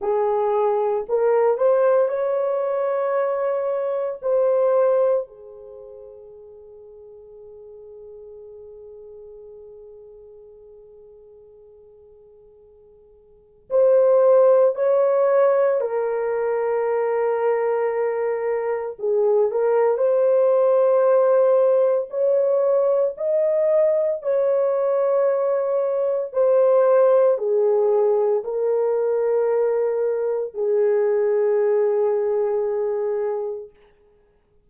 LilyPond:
\new Staff \with { instrumentName = "horn" } { \time 4/4 \tempo 4 = 57 gis'4 ais'8 c''8 cis''2 | c''4 gis'2.~ | gis'1~ | gis'4 c''4 cis''4 ais'4~ |
ais'2 gis'8 ais'8 c''4~ | c''4 cis''4 dis''4 cis''4~ | cis''4 c''4 gis'4 ais'4~ | ais'4 gis'2. | }